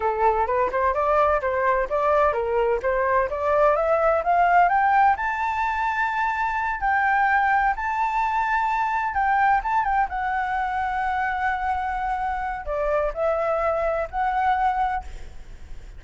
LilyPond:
\new Staff \with { instrumentName = "flute" } { \time 4/4 \tempo 4 = 128 a'4 b'8 c''8 d''4 c''4 | d''4 ais'4 c''4 d''4 | e''4 f''4 g''4 a''4~ | a''2~ a''8 g''4.~ |
g''8 a''2. g''8~ | g''8 a''8 g''8 fis''2~ fis''8~ | fis''2. d''4 | e''2 fis''2 | }